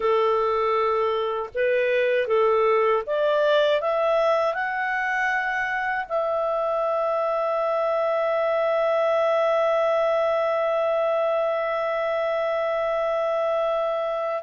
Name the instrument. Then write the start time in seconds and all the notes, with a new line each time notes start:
clarinet
0.00 A4
1.54 B4
2.27 A4
3.06 D5
3.80 E5
4.54 F#5
6.08 E5